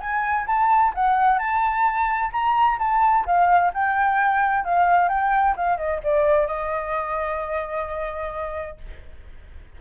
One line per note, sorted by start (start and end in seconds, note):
0.00 0.46 G#5
0.47 0.93 A5
0.94 1.38 F#5
1.38 2.31 A5
2.32 2.78 A#5
2.79 3.25 A5
3.26 3.72 F5
3.73 4.64 G5
4.64 5.09 F5
5.09 5.55 G5
5.56 5.77 F5
5.77 6.00 D#5
6.03 6.47 D5
6.47 8.78 D#5